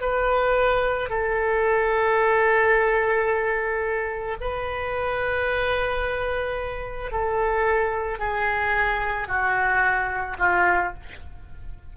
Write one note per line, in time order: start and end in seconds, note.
0.00 1.09 B4
1.09 4.36 A4
4.40 7.11 B4
7.11 8.19 A4
8.19 9.28 G#4
9.28 10.37 F#4
10.38 10.93 F4